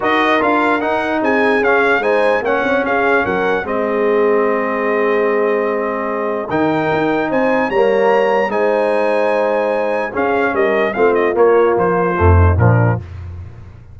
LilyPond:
<<
  \new Staff \with { instrumentName = "trumpet" } { \time 4/4 \tempo 4 = 148 dis''4 f''4 fis''4 gis''4 | f''4 gis''4 fis''4 f''4 | fis''4 dis''2.~ | dis''1 |
g''2 gis''4 ais''4~ | ais''4 gis''2.~ | gis''4 f''4 dis''4 f''8 dis''8 | cis''4 c''2 ais'4 | }
  \new Staff \with { instrumentName = "horn" } { \time 4/4 ais'2. gis'4~ | gis'4 c''4 cis''4 gis'4 | ais'4 gis'2.~ | gis'1 |
ais'2 c''4 cis''4~ | cis''4 c''2.~ | c''4 gis'4 ais'4 f'4~ | f'2~ f'8 dis'8 d'4 | }
  \new Staff \with { instrumentName = "trombone" } { \time 4/4 fis'4 f'4 dis'2 | cis'4 dis'4 cis'2~ | cis'4 c'2.~ | c'1 |
dis'2. ais4~ | ais4 dis'2.~ | dis'4 cis'2 c'4 | ais2 a4 f4 | }
  \new Staff \with { instrumentName = "tuba" } { \time 4/4 dis'4 d'4 dis'4 c'4 | cis'4 gis4 ais8 c'8 cis'4 | fis4 gis2.~ | gis1 |
dis4 dis'4 c'4 g4~ | g4 gis2.~ | gis4 cis'4 g4 a4 | ais4 f4 f,4 ais,4 | }
>>